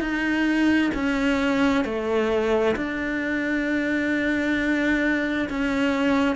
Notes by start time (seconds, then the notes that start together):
0.00 D#4
0.94 C#4
1.84 A3
2.76 D4
5.50 C#4